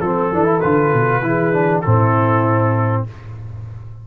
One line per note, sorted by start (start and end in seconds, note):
0.00 0.31 F3
0.00 0.32 C4
0.00 0.60 A4
0.00 1.23 A4
0.32 0.62 E3
0.32 0.43 D4
0.43 0.58 E4
0.60 0.93 D3
0.60 1.22 F4
0.60 1.81 B4
0.93 1.21 B2
1.21 1.82 E3
1.21 1.53 E4
1.21 1.83 G#4
1.53 1.83 D4
1.81 3.07 A2
1.81 3.07 C4
1.81 3.04 E4
1.81 3.02 A4